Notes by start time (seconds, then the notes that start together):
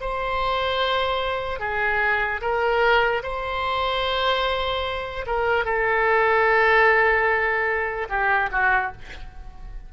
0.00 C5
1.59 G#4
2.41 A#4
3.22 C5
5.26 A#4
5.64 A4
8.09 G4
8.51 F#4